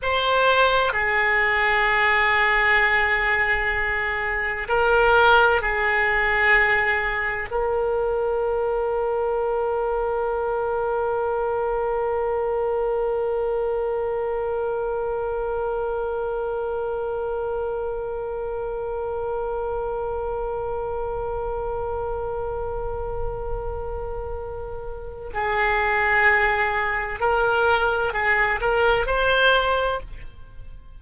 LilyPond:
\new Staff \with { instrumentName = "oboe" } { \time 4/4 \tempo 4 = 64 c''4 gis'2.~ | gis'4 ais'4 gis'2 | ais'1~ | ais'1~ |
ais'1~ | ais'1~ | ais'2. gis'4~ | gis'4 ais'4 gis'8 ais'8 c''4 | }